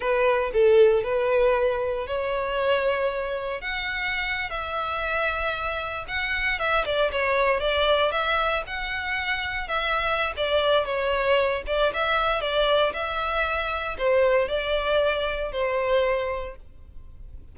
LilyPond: \new Staff \with { instrumentName = "violin" } { \time 4/4 \tempo 4 = 116 b'4 a'4 b'2 | cis''2. fis''4~ | fis''8. e''2. fis''16~ | fis''8. e''8 d''8 cis''4 d''4 e''16~ |
e''8. fis''2 e''4~ e''16 | d''4 cis''4. d''8 e''4 | d''4 e''2 c''4 | d''2 c''2 | }